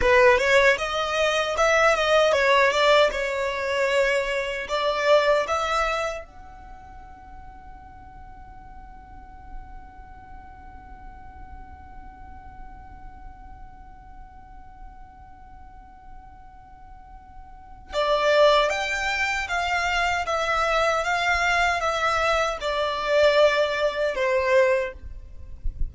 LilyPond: \new Staff \with { instrumentName = "violin" } { \time 4/4 \tempo 4 = 77 b'8 cis''8 dis''4 e''8 dis''8 cis''8 d''8 | cis''2 d''4 e''4 | fis''1~ | fis''1~ |
fis''1~ | fis''2. d''4 | g''4 f''4 e''4 f''4 | e''4 d''2 c''4 | }